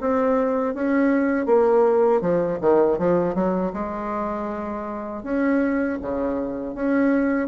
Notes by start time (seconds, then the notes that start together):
0.00 C4
0.74 C#4
1.46 A#3
2.21 F3
2.60 D#3
2.98 F3
3.34 F#3
3.73 G#3
5.23 C#4
6.01 C#3
6.74 C#4